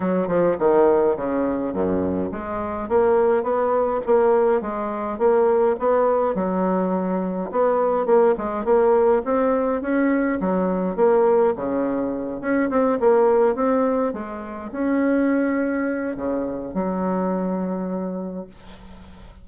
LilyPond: \new Staff \with { instrumentName = "bassoon" } { \time 4/4 \tempo 4 = 104 fis8 f8 dis4 cis4 fis,4 | gis4 ais4 b4 ais4 | gis4 ais4 b4 fis4~ | fis4 b4 ais8 gis8 ais4 |
c'4 cis'4 fis4 ais4 | cis4. cis'8 c'8 ais4 c'8~ | c'8 gis4 cis'2~ cis'8 | cis4 fis2. | }